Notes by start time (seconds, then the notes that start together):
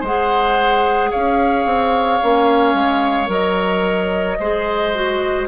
0.00 G#3 G#4 C5 F#5
1.10 C#4 C#5 F5
1.65 C4
2.22 A#3 C#4
2.74 G#3
3.27 F#3 A#4 D#5
4.39 G#3 G#4 C5
4.94 F#4